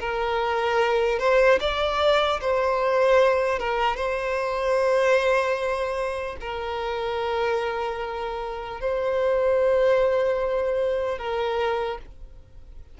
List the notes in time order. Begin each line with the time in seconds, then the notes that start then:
0.00 A#4
1.19 C5
1.60 D5
2.41 C5
3.59 A#4
3.96 C5
6.41 A#4
8.81 C5
11.19 A#4